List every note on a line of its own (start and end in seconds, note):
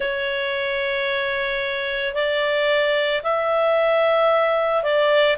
0.00 2.14 C#5
2.14 3.21 D5
3.23 4.83 E5
4.83 5.36 D5